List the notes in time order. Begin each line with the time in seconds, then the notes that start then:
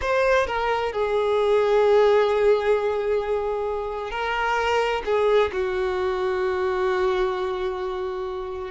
0.01 C5
0.46 A#4
0.92 G#4
4.11 A#4
5.05 G#4
5.52 F#4